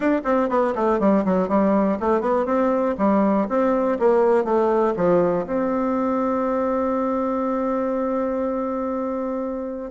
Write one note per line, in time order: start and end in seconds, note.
0.00 0.21 D4
0.24 0.49 C4
0.49 0.74 B3
0.75 0.99 A3
0.99 1.24 G3
1.25 1.48 F#3
1.48 1.98 G3
2.00 2.20 A3
2.20 2.45 B3
2.45 2.95 C4
2.98 3.47 G3
3.48 3.98 C4
3.99 4.44 A#3
4.44 4.94 A3
4.96 5.45 F3
5.46 9.91 C4